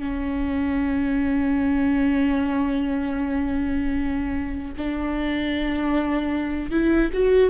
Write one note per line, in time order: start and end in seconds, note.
0.00 4.74 C#4
4.78 6.71 D4
6.71 7.11 E4
7.13 7.50 F#4